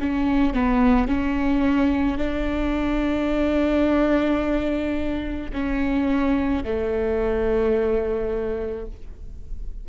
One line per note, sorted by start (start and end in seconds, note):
0.00 0.54 C#4
0.54 1.08 B3
1.08 2.18 C#4
2.18 5.52 D4
5.53 6.64 C#4
6.64 8.86 A3